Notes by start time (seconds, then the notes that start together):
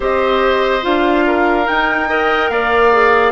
0.00 C4 G4 C5 D#5
0.82 D4 F4 F5
1.26 A#4
1.65 D#4 G5
2.08 A#4 D#5
2.49 A#3 D5 F5
2.92 G#4